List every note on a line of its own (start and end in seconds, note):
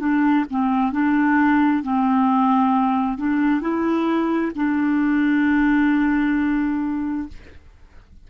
0.00 0.45 D4
0.51 0.93 C4
0.93 1.83 D4
1.83 3.18 C4
3.18 3.62 D4
3.62 4.52 E4
4.56 7.29 D4